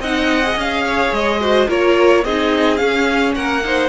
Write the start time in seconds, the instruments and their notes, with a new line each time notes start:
0.00 cello C4, viola D#4, violin D#5 F#5
0.43 viola G#4
0.56 cello C#4, violin F5
0.85 violin C#5
1.12 cello G#3, violin D#5
1.41 viola F#4, violin C5
1.69 cello A#3, viola F4, violin A#4 C#5
2.25 cello C4, viola D#4, violin G#4 D#5
2.77 viola C#4, cello C#4, violin F5
3.35 cello A#3, violin A#4 F#5
3.64 viola D#4, violin C5